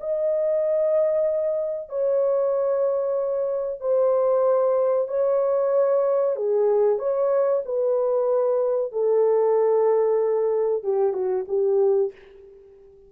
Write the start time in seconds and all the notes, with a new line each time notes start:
0.00 D#5
1.89 C#5
3.80 C5
5.08 C#5
6.36 G#4
6.99 C#5
7.65 B4
8.92 A4
10.83 G4
11.13 F#4
11.48 G4